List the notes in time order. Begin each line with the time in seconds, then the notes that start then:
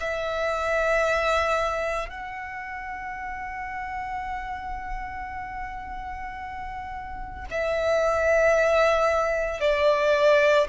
0.00 E5
2.09 F#5
7.50 E5
9.60 D5